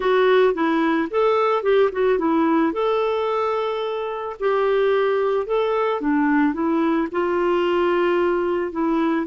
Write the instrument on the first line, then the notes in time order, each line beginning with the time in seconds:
clarinet
0.00 F#4
0.53 E4
1.10 A4
1.62 G4
1.91 F#4
2.18 E4
2.72 A4
4.39 G4
5.46 A4
6.00 D4
6.53 E4
7.11 F4
8.71 E4